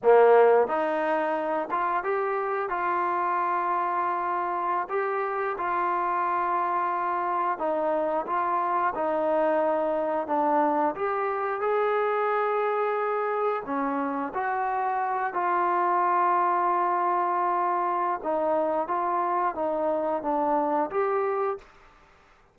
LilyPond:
\new Staff \with { instrumentName = "trombone" } { \time 4/4 \tempo 4 = 89 ais4 dis'4. f'8 g'4 | f'2.~ f'16 g'8.~ | g'16 f'2. dis'8.~ | dis'16 f'4 dis'2 d'8.~ |
d'16 g'4 gis'2~ gis'8.~ | gis'16 cis'4 fis'4. f'4~ f'16~ | f'2. dis'4 | f'4 dis'4 d'4 g'4 | }